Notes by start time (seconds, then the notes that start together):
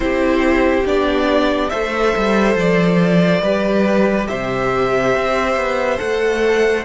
0.00 C4 E4 G4 C5
0.85 B3 D4 D5
1.69 A3 A4 C5 E5
2.16 G3
2.55 F3 D5
3.41 G3 G4 B4
4.27 C3 C5 E5
5.15 C4
5.56 B3
5.97 A3 A4 F#5